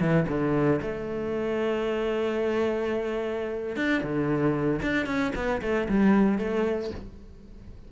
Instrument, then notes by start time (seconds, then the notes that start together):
cello
0.00 E3
0.28 D3
0.82 A3
3.76 D4
4.03 D3
4.82 D4
5.06 C#4
5.35 B3
5.62 A3
5.88 G3
6.38 A3